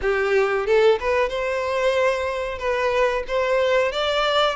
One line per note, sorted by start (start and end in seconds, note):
0.01 0.66 G4
0.66 0.98 A4
1.00 1.29 B4
1.29 2.58 C5
2.58 3.23 B4
3.27 3.92 C5
3.92 4.55 D5